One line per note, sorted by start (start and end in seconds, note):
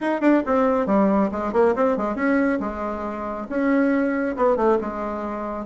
0.00 0.21 D#4
0.21 0.42 D4
0.45 0.86 C4
0.86 1.30 G3
1.31 1.53 G#3
1.53 1.74 A#3
1.75 1.97 C4
1.97 2.15 G#3
2.15 2.59 C#4
2.60 3.47 G#3
3.49 4.36 C#4
4.36 4.56 B3
4.56 4.78 A3
4.80 5.65 G#3